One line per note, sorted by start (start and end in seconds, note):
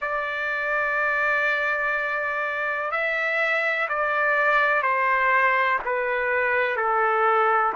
0.00 2.91 D5
2.91 3.88 E5
3.88 4.82 D5
4.82 5.78 C5
5.85 6.76 B4
6.76 7.73 A4